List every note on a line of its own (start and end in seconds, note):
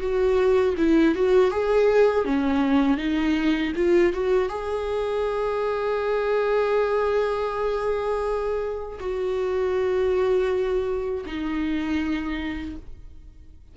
0.00 0.75 F#4
0.77 1.15 E4
1.15 1.51 F#4
1.51 2.25 G#4
2.25 2.98 C#4
2.98 3.73 D#4
3.76 4.13 F4
4.13 4.49 F#4
4.49 8.99 G#4
9.00 11.25 F#4
11.26 12.76 D#4